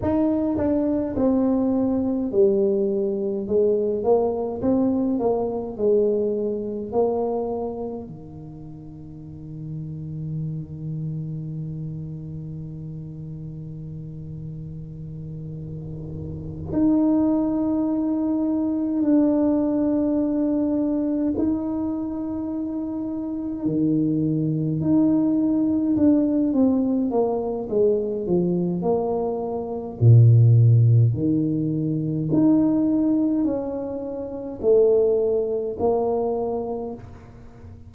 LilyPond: \new Staff \with { instrumentName = "tuba" } { \time 4/4 \tempo 4 = 52 dis'8 d'8 c'4 g4 gis8 ais8 | c'8 ais8 gis4 ais4 dis4~ | dis1~ | dis2~ dis8 dis'4.~ |
dis'8 d'2 dis'4.~ | dis'8 dis4 dis'4 d'8 c'8 ais8 | gis8 f8 ais4 ais,4 dis4 | dis'4 cis'4 a4 ais4 | }